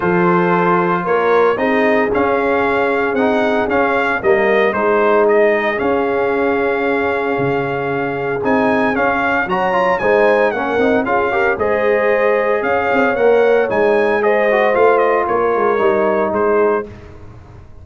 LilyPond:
<<
  \new Staff \with { instrumentName = "trumpet" } { \time 4/4 \tempo 4 = 114 c''2 cis''4 dis''4 | f''2 fis''4 f''4 | dis''4 c''4 dis''4 f''4~ | f''1 |
gis''4 f''4 ais''4 gis''4 | fis''4 f''4 dis''2 | f''4 fis''4 gis''4 dis''4 | f''8 dis''8 cis''2 c''4 | }
  \new Staff \with { instrumentName = "horn" } { \time 4/4 a'2 ais'4 gis'4~ | gis'1 | ais'4 gis'2.~ | gis'1~ |
gis'2 cis''4 c''4 | ais'4 gis'8 ais'8 c''2 | cis''2. c''4~ | c''4 ais'2 gis'4 | }
  \new Staff \with { instrumentName = "trombone" } { \time 4/4 f'2. dis'4 | cis'2 dis'4 cis'4 | ais4 dis'2 cis'4~ | cis'1 |
dis'4 cis'4 fis'8 f'8 dis'4 | cis'8 dis'8 f'8 g'8 gis'2~ | gis'4 ais'4 dis'4 gis'8 fis'8 | f'2 dis'2 | }
  \new Staff \with { instrumentName = "tuba" } { \time 4/4 f2 ais4 c'4 | cis'2 c'4 cis'4 | g4 gis2 cis'4~ | cis'2 cis2 |
c'4 cis'4 fis4 gis4 | ais8 c'8 cis'4 gis2 | cis'8 c'8 ais4 gis2 | a4 ais8 gis8 g4 gis4 | }
>>